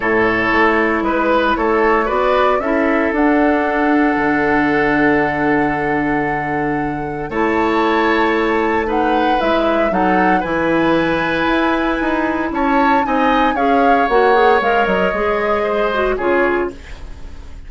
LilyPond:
<<
  \new Staff \with { instrumentName = "flute" } { \time 4/4 \tempo 4 = 115 cis''2 b'4 cis''4 | d''4 e''4 fis''2~ | fis''1~ | fis''2 a''2~ |
a''4 fis''4 e''4 fis''4 | gis''1 | a''4 gis''4 f''4 fis''4 | f''8 dis''2~ dis''8 cis''4 | }
  \new Staff \with { instrumentName = "oboe" } { \time 4/4 a'2 b'4 a'4 | b'4 a'2.~ | a'1~ | a'2 cis''2~ |
cis''4 b'2 a'4 | b'1 | cis''4 dis''4 cis''2~ | cis''2 c''4 gis'4 | }
  \new Staff \with { instrumentName = "clarinet" } { \time 4/4 e'1 | fis'4 e'4 d'2~ | d'1~ | d'2 e'2~ |
e'4 dis'4 e'4 dis'4 | e'1~ | e'4 dis'4 gis'4 fis'8 gis'8 | ais'4 gis'4. fis'8 f'4 | }
  \new Staff \with { instrumentName = "bassoon" } { \time 4/4 a,4 a4 gis4 a4 | b4 cis'4 d'2 | d1~ | d2 a2~ |
a2 gis4 fis4 | e2 e'4 dis'4 | cis'4 c'4 cis'4 ais4 | gis8 fis8 gis2 cis4 | }
>>